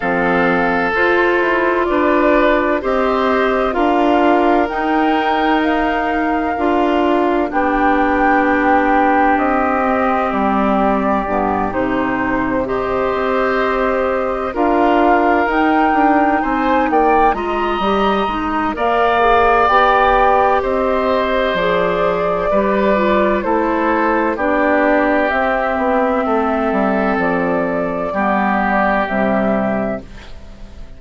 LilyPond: <<
  \new Staff \with { instrumentName = "flute" } { \time 4/4 \tempo 4 = 64 f''4 c''4 d''4 dis''4 | f''4 g''4 f''2 | g''2 dis''4 d''4~ | d''8 c''4 dis''2 f''8~ |
f''8 g''4 gis''8 g''8 ais''4. | f''4 g''4 dis''4 d''4~ | d''4 c''4 d''4 e''4~ | e''4 d''2 e''4 | }
  \new Staff \with { instrumentName = "oboe" } { \time 4/4 a'2 b'4 c''4 | ais'1 | g'1~ | g'4. c''2 ais'8~ |
ais'4. c''8 d''8 dis''4. | d''2 c''2 | b'4 a'4 g'2 | a'2 g'2 | }
  \new Staff \with { instrumentName = "clarinet" } { \time 4/4 c'4 f'2 g'4 | f'4 dis'2 f'4 | d'2~ d'8 c'4. | b8 dis'4 g'2 f'8~ |
f'8 dis'2 f'8 g'8 dis'8 | ais'8 gis'8 g'2 gis'4 | g'8 f'8 e'4 d'4 c'4~ | c'2 b4 g4 | }
  \new Staff \with { instrumentName = "bassoon" } { \time 4/4 f4 f'8 e'8 d'4 c'4 | d'4 dis'2 d'4 | b2 c'4 g4 | g,8 c4. c'4. d'8~ |
d'8 dis'8 d'8 c'8 ais8 gis8 g8 gis8 | ais4 b4 c'4 f4 | g4 a4 b4 c'8 b8 | a8 g8 f4 g4 c4 | }
>>